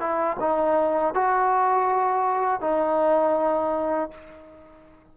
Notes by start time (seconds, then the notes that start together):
0.00 E4
0.40 D#4
1.15 F#4
2.61 D#4